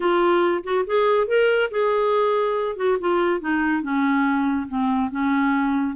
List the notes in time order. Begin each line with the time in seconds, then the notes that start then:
0.00 F4
0.63 F#4
0.86 G#4
1.27 A#4
1.71 G#4
2.76 F#4
3.00 F4
3.40 D#4
3.82 C#4
4.68 C4
5.11 C#4